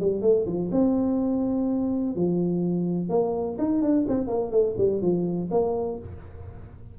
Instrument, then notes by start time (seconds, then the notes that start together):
tuba
0.00 G3
0.22 A3
0.46 F3
0.72 C4
2.16 F3
3.09 A#3
3.58 D#4
3.82 D4
4.08 C4
4.27 A#3
4.51 A3
4.77 G3
5.02 F3
5.51 A#3